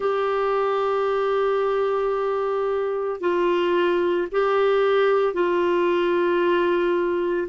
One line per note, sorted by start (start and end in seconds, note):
0.00 3.20 G4
3.20 4.27 F4
4.31 5.33 G4
5.33 7.48 F4